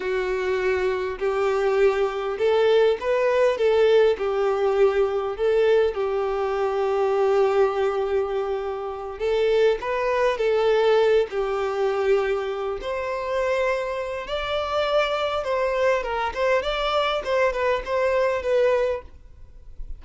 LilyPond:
\new Staff \with { instrumentName = "violin" } { \time 4/4 \tempo 4 = 101 fis'2 g'2 | a'4 b'4 a'4 g'4~ | g'4 a'4 g'2~ | g'2.~ g'8 a'8~ |
a'8 b'4 a'4. g'4~ | g'4. c''2~ c''8 | d''2 c''4 ais'8 c''8 | d''4 c''8 b'8 c''4 b'4 | }